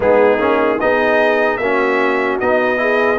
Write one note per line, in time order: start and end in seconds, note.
0.00 0.38 G#3
0.00 0.38 B3
0.00 0.80 D#4
0.00 0.80 G#4
0.38 0.78 A#3
0.38 0.78 C#4
0.80 1.58 B3
0.80 1.61 D#4
0.80 1.60 G#4
0.80 1.57 D#5
1.57 2.38 A#3
1.57 2.41 C#4
1.57 2.80 F#4
1.57 2.37 E5
2.40 3.18 B3
2.40 2.77 D#4
2.40 3.18 D#5
2.77 3.17 E4
2.77 3.18 G#4